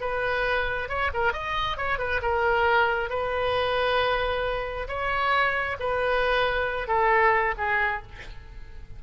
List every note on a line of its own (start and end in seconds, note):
0.00 0.88 B4
0.88 1.11 C#5
1.13 1.32 A#4
1.32 1.77 D#5
1.77 1.98 C#5
1.98 2.20 B4
2.21 3.09 A#4
3.09 4.87 B4
4.87 5.76 C#5
5.79 6.87 B4
6.87 7.54 A4
7.57 8.02 G#4